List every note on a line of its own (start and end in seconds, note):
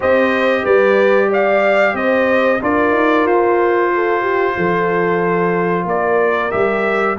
0.00 0.65 C4
0.00 2.60 G4
0.00 0.62 C5
0.00 0.65 D#5
0.63 1.93 G3
0.63 1.29 B4
0.63 1.30 D5
1.29 1.94 D5
1.29 1.96 F5
1.93 2.58 C4
1.93 2.61 C5
1.93 2.61 D#5
2.61 2.91 D4
2.61 6.51 F4
2.61 3.93 A#4
2.61 3.26 D5
2.91 3.24 D#4
3.24 4.54 F4
3.24 5.87 C5
3.94 4.21 A4
4.21 4.53 G4
4.56 5.85 F3
4.56 5.87 A4
5.85 6.50 A#3
5.85 7.18 A#4
5.85 6.51 D5
6.51 7.18 G3
6.51 7.16 G4
6.51 7.16 E5